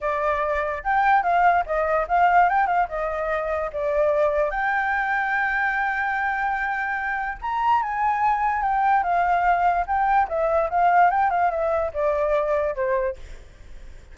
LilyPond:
\new Staff \with { instrumentName = "flute" } { \time 4/4 \tempo 4 = 146 d''2 g''4 f''4 | dis''4 f''4 g''8 f''8 dis''4~ | dis''4 d''2 g''4~ | g''1~ |
g''2 ais''4 gis''4~ | gis''4 g''4 f''2 | g''4 e''4 f''4 g''8 f''8 | e''4 d''2 c''4 | }